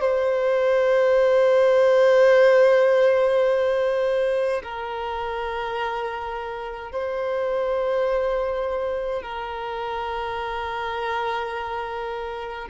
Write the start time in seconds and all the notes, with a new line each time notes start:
0.00 C5
4.63 A#4
6.91 C5
9.22 A#4